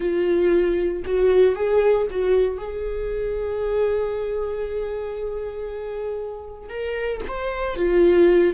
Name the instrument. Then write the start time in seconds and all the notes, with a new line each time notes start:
viola
0.00 F4
1.05 F#4
1.55 G#4
2.10 F#4
2.57 G#4
6.69 A#4
7.27 C5
7.76 F4